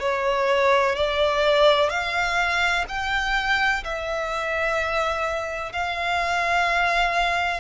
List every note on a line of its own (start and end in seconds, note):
0.00 0.95 C#5
0.96 1.90 D5
1.90 2.85 F5
2.88 3.84 G5
3.84 5.72 E5
5.72 7.60 F5